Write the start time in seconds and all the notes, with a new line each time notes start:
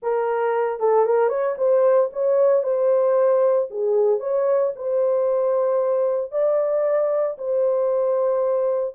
0.02 A#4
0.79 A4
1.05 A#4
1.28 C#5
1.57 C5
2.12 C#5
2.63 C5
3.70 G#4
4.19 C#5
4.75 C5
6.31 D5
7.38 C5